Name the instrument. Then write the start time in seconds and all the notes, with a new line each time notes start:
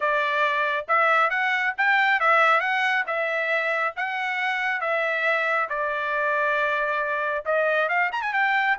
trumpet
0.00 D5
0.88 E5
1.29 F#5
1.77 G5
2.20 E5
2.60 F#5
3.06 E5
3.96 F#5
4.81 E5
5.69 D5
7.45 D#5
7.88 F5
8.12 A#5
8.22 G#5
8.33 G5